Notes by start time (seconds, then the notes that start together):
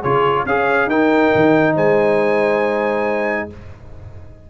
0.00 C#3 F4 G#4 C#5
0.45 C#4 G#4 C#5 F5
0.86 D#4 A#4 G5
1.35 D#3
1.75 G#3 C5 G#5